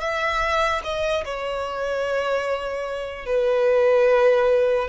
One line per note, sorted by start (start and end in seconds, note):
0.00 0.81 E5
0.84 1.24 D#5
1.25 3.26 C#5
3.26 4.88 B4